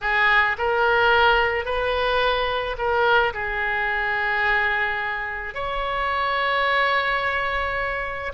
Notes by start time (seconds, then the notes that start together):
0.01 G#4
0.57 A#4
1.65 B4
2.78 A#4
3.33 G#4
5.54 C#5